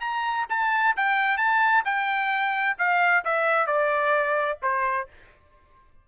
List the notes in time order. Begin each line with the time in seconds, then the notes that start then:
0.00 A#5
0.49 A5
0.96 G5
1.37 A5
1.84 G5
2.78 F5
3.24 E5
3.66 D5
4.62 C5